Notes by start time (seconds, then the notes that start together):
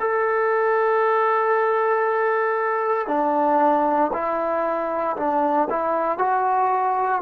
0.00 A4
3.08 D4
4.13 E4
5.17 D4
5.70 E4
6.18 F#4